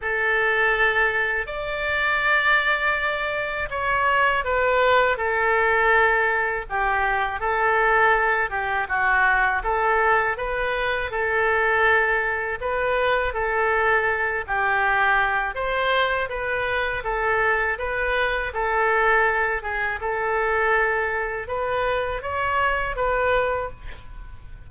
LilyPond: \new Staff \with { instrumentName = "oboe" } { \time 4/4 \tempo 4 = 81 a'2 d''2~ | d''4 cis''4 b'4 a'4~ | a'4 g'4 a'4. g'8 | fis'4 a'4 b'4 a'4~ |
a'4 b'4 a'4. g'8~ | g'4 c''4 b'4 a'4 | b'4 a'4. gis'8 a'4~ | a'4 b'4 cis''4 b'4 | }